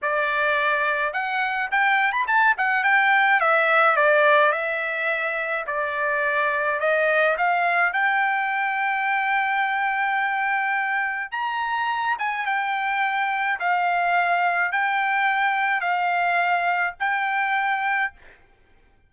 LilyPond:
\new Staff \with { instrumentName = "trumpet" } { \time 4/4 \tempo 4 = 106 d''2 fis''4 g''8. b''16 | a''8 fis''8 g''4 e''4 d''4 | e''2 d''2 | dis''4 f''4 g''2~ |
g''1 | ais''4. gis''8 g''2 | f''2 g''2 | f''2 g''2 | }